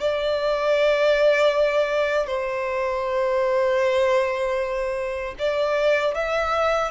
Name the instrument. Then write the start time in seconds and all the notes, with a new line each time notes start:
violin
0.00 D5
2.27 C5
5.39 D5
6.14 E5